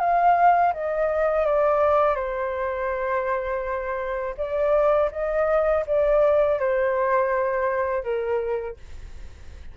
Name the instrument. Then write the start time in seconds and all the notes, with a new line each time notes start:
flute
0.00 F5
0.74 D#5
1.46 D5
2.16 C5
4.37 D5
5.12 D#5
5.87 D5
6.60 C5
8.04 A#4